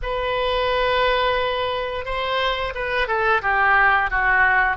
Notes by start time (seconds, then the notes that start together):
0.02 B4
2.05 C5
2.74 B4
3.07 A4
3.42 G4
4.10 F#4